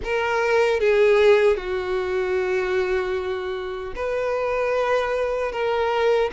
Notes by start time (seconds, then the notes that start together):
0.03 A#4
0.79 G#4
1.56 F#4
3.95 B4
5.52 A#4